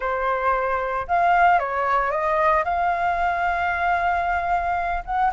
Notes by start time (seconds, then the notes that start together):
0.00 C5
1.07 F5
1.59 C#5
2.11 D#5
2.64 F5
5.05 F#5